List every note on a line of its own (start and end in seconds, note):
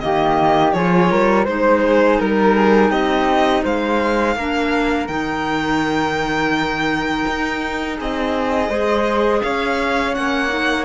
0.00 0.73 D#3
0.00 0.74 A#3
0.00 0.75 G4
0.00 0.72 D#5
0.73 1.09 F3
0.73 1.47 F4
0.73 1.11 G#4
0.73 1.45 C#5
1.11 1.47 G3
1.11 1.45 A#4
1.45 2.19 G#3
1.45 4.36 D#4
1.45 1.81 C5
1.45 2.20 C5
1.84 2.20 G#4
2.20 2.90 G3
2.20 2.56 A#4
2.20 2.91 A#4
2.56 2.90 G#4
2.90 3.62 C4
2.90 3.62 G4
2.90 3.63 D#5
3.63 4.36 G#3
3.63 4.35 C5
3.63 5.07 F5
4.36 5.08 A#3
4.36 5.08 D4
4.36 7.97 A#4
5.07 7.25 D#3
5.07 8.70 D#4
5.07 7.96 G5
7.27 7.99 D#4
7.97 8.69 C4
7.97 8.69 G#4
7.97 9.42 D#5
8.69 9.41 G#3
8.69 10.13 G#4
8.69 9.41 C5
9.42 10.16 C#4
9.42 10.85 C#5
9.42 10.15 F5
10.13 10.85 A#3
10.13 10.48 C#4
10.13 10.85 F#5
10.48 10.84 D#4